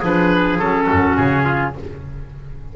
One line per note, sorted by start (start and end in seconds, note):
0.00 0.59 F3
0.00 0.61 D4
0.00 0.87 G#4
0.00 0.59 B4
0.59 0.88 F#3
0.59 1.76 C#4
0.59 1.17 A4
0.87 1.18 F#2
0.87 1.44 F#4
1.17 1.76 C#3
1.17 1.74 G#4
1.45 1.74 F4